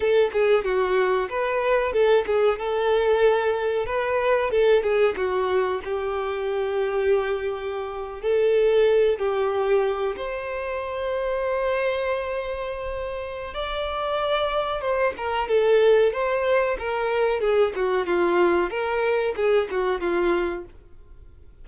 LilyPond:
\new Staff \with { instrumentName = "violin" } { \time 4/4 \tempo 4 = 93 a'8 gis'8 fis'4 b'4 a'8 gis'8 | a'2 b'4 a'8 gis'8 | fis'4 g'2.~ | g'8. a'4. g'4. c''16~ |
c''1~ | c''4 d''2 c''8 ais'8 | a'4 c''4 ais'4 gis'8 fis'8 | f'4 ais'4 gis'8 fis'8 f'4 | }